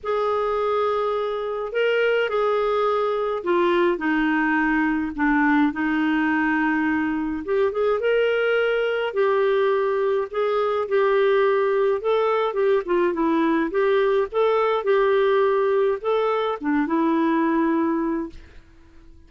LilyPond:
\new Staff \with { instrumentName = "clarinet" } { \time 4/4 \tempo 4 = 105 gis'2. ais'4 | gis'2 f'4 dis'4~ | dis'4 d'4 dis'2~ | dis'4 g'8 gis'8 ais'2 |
g'2 gis'4 g'4~ | g'4 a'4 g'8 f'8 e'4 | g'4 a'4 g'2 | a'4 d'8 e'2~ e'8 | }